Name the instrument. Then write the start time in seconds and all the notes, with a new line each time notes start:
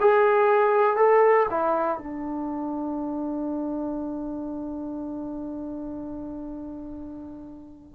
trombone
0.00 G#4
0.96 A4
1.50 E4
1.98 D4